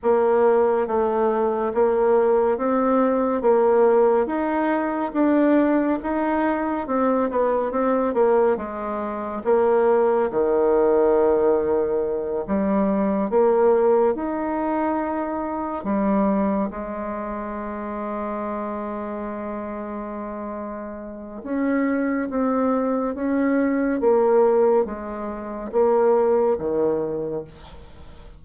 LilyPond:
\new Staff \with { instrumentName = "bassoon" } { \time 4/4 \tempo 4 = 70 ais4 a4 ais4 c'4 | ais4 dis'4 d'4 dis'4 | c'8 b8 c'8 ais8 gis4 ais4 | dis2~ dis8 g4 ais8~ |
ais8 dis'2 g4 gis8~ | gis1~ | gis4 cis'4 c'4 cis'4 | ais4 gis4 ais4 dis4 | }